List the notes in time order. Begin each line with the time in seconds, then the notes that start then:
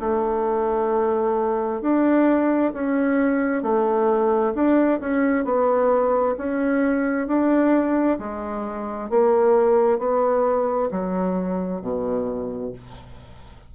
0.00 A3
1.82 D4
2.74 C#4
3.63 A3
4.55 D4
5.00 C#4
5.45 B3
6.38 C#4
7.27 D4
8.19 G#3
9.10 A#3
9.99 B3
10.91 F#3
11.82 B2